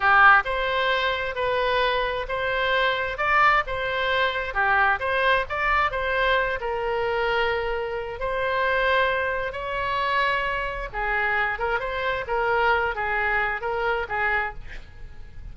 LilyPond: \new Staff \with { instrumentName = "oboe" } { \time 4/4 \tempo 4 = 132 g'4 c''2 b'4~ | b'4 c''2 d''4 | c''2 g'4 c''4 | d''4 c''4. ais'4.~ |
ais'2 c''2~ | c''4 cis''2. | gis'4. ais'8 c''4 ais'4~ | ais'8 gis'4. ais'4 gis'4 | }